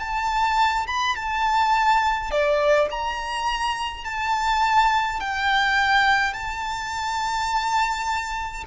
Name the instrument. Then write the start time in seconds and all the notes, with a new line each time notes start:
violin
0.00 A5
0.87 B5
1.16 A5
2.31 D5
2.91 A#5
4.04 A5
5.20 G5
6.33 A5